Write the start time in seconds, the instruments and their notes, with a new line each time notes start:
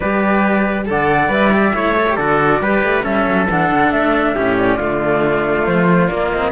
0.00 cello G3 G4, trumpet B4, flute D5
0.85 cello D3 A4, trumpet D5, flute F#5
1.28 cello G3 B4, flute E5
1.53 cello G4
1.73 cello A3 E4, trumpet C#5
1.96 cello A4
2.09 cello G4
2.16 cello D3 F#4, trumpet A4, flute D5
2.60 cello G3 G4, trumpet B4
2.83 cello A3
3.02 cello G3 C#4, trumpet A4, flute E5
3.26 cello F#3
3.49 cello E3 D4, flute F#5
3.71 cello D3
3.91 cello A3, flute E5
4.35 cello A2 C#4, trumpet G4
4.57 flute D5
4.77 cello D3 A3, trumpet F4
5.65 cello F3, flute C5
6.08 cello A#3, flute D5
6.30 cello C4, flute D#5